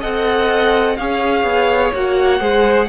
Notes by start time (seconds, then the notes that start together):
0.00 C4 A4 D#5 F#5
0.96 C#4 G#4 C#5 F5
1.43 B3
1.94 A#3 F#4 F#5
2.39 G#3 G#4 C5